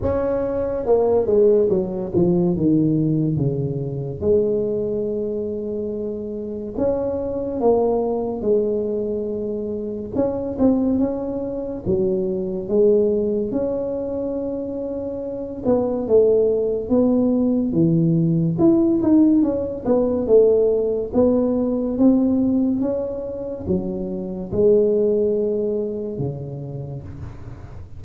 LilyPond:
\new Staff \with { instrumentName = "tuba" } { \time 4/4 \tempo 4 = 71 cis'4 ais8 gis8 fis8 f8 dis4 | cis4 gis2. | cis'4 ais4 gis2 | cis'8 c'8 cis'4 fis4 gis4 |
cis'2~ cis'8 b8 a4 | b4 e4 e'8 dis'8 cis'8 b8 | a4 b4 c'4 cis'4 | fis4 gis2 cis4 | }